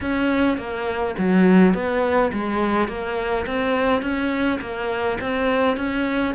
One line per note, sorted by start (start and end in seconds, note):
0.01 0.57 C#4
0.57 1.15 A#3
1.18 1.74 F#3
1.74 2.31 B3
2.32 2.88 G#3
2.88 3.45 A#3
3.46 4.02 C4
4.02 4.59 C#4
4.60 5.18 A#3
5.20 5.77 C4
5.77 6.34 C#4